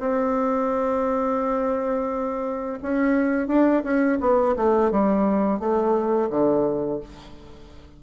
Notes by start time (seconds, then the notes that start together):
0.00 C4
2.83 C#4
3.48 D4
3.84 C#4
4.21 B3
4.57 A3
4.92 G3
5.60 A3
6.30 D3